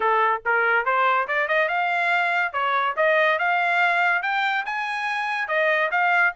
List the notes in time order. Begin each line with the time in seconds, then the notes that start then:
0.00 A4
0.45 A#4
0.85 C5
1.27 D5
1.48 D#5
1.68 F5
2.53 C#5
2.96 D#5
3.38 F5
4.22 G5
4.65 G#5
5.47 D#5
5.91 F5